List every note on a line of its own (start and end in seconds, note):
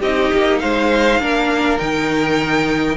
0.00 0.31 C4
0.00 1.21 D#4
0.00 0.59 G4
0.00 0.59 D#5
0.33 0.63 A#3
0.59 1.20 G#3
0.59 1.21 C5
0.59 1.78 F5
1.20 1.79 A#3
1.20 1.79 D4
1.20 2.97 A#4
1.78 2.97 D#3
1.78 2.97 D#4
1.78 2.97 G5